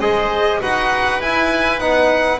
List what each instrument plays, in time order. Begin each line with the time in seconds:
0.00 double bass G#3, trombone G#4, oboe C5, violin D#5
0.60 double bass D#4, trombone F#4, oboe B4, violin F#5
1.21 double bass E4, trombone E4, violin G#5
1.79 double bass B3, trombone D#4, violin F#5